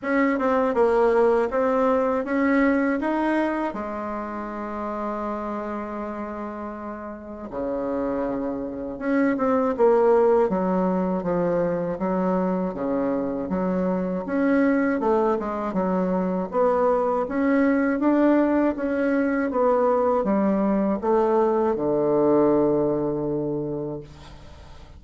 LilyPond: \new Staff \with { instrumentName = "bassoon" } { \time 4/4 \tempo 4 = 80 cis'8 c'8 ais4 c'4 cis'4 | dis'4 gis2.~ | gis2 cis2 | cis'8 c'8 ais4 fis4 f4 |
fis4 cis4 fis4 cis'4 | a8 gis8 fis4 b4 cis'4 | d'4 cis'4 b4 g4 | a4 d2. | }